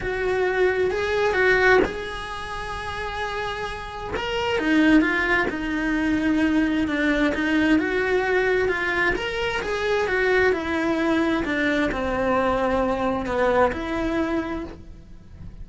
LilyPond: \new Staff \with { instrumentName = "cello" } { \time 4/4 \tempo 4 = 131 fis'2 gis'4 fis'4 | gis'1~ | gis'4 ais'4 dis'4 f'4 | dis'2. d'4 |
dis'4 fis'2 f'4 | ais'4 gis'4 fis'4 e'4~ | e'4 d'4 c'2~ | c'4 b4 e'2 | }